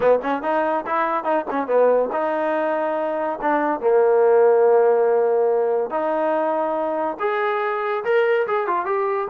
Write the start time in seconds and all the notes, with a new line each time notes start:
0.00 B3
0.22 C#4
0.42 D#4
0.86 E4
1.24 D#4
1.50 C#4
1.67 B3
2.12 D#4
3.41 D4
3.80 A#3
5.90 D#4
7.19 G#4
8.04 A#4
8.47 G#4
8.67 F4
8.85 G4